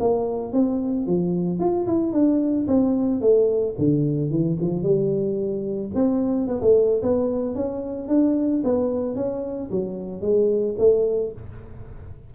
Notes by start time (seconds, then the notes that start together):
0.00 A#3
0.53 C4
1.07 F3
1.59 F4
1.87 E4
2.13 D4
2.68 C4
3.21 A3
3.78 D3
4.30 E3
4.61 F3
4.83 G3
5.95 C4
6.48 B3
6.62 A3
7.02 B3
7.55 C#4
8.09 D4
8.64 B3
9.16 C#4
9.71 F#3
10.22 G#3
10.79 A3